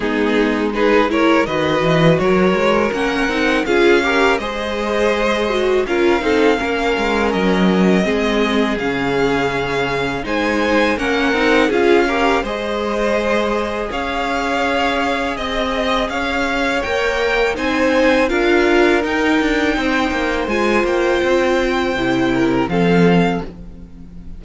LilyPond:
<<
  \new Staff \with { instrumentName = "violin" } { \time 4/4 \tempo 4 = 82 gis'4 b'8 cis''8 dis''4 cis''4 | fis''4 f''4 dis''2 | f''2 dis''2 | f''2 gis''4 fis''4 |
f''4 dis''2 f''4~ | f''4 dis''4 f''4 g''4 | gis''4 f''4 g''2 | gis''8 g''2~ g''8 f''4 | }
  \new Staff \with { instrumentName = "violin" } { \time 4/4 dis'4 gis'8 ais'8 b'4 ais'4~ | ais'4 gis'8 ais'8 c''2 | ais'8 a'8 ais'2 gis'4~ | gis'2 c''4 ais'4 |
gis'8 ais'8 c''2 cis''4~ | cis''4 dis''4 cis''2 | c''4 ais'2 c''4~ | c''2~ c''8 ais'8 a'4 | }
  \new Staff \with { instrumentName = "viola" } { \time 4/4 b4 dis'8 e'8 fis'2 | cis'8 dis'8 f'8 g'8 gis'4. fis'8 | f'8 dis'8 cis'2 c'4 | cis'2 dis'4 cis'8 dis'8 |
f'8 g'8 gis'2.~ | gis'2. ais'4 | dis'4 f'4 dis'2 | f'2 e'4 c'4 | }
  \new Staff \with { instrumentName = "cello" } { \time 4/4 gis2 dis8 e8 fis8 gis8 | ais8 c'8 cis'4 gis2 | cis'8 c'8 ais8 gis8 fis4 gis4 | cis2 gis4 ais8 c'8 |
cis'4 gis2 cis'4~ | cis'4 c'4 cis'4 ais4 | c'4 d'4 dis'8 d'8 c'8 ais8 | gis8 ais8 c'4 c4 f4 | }
>>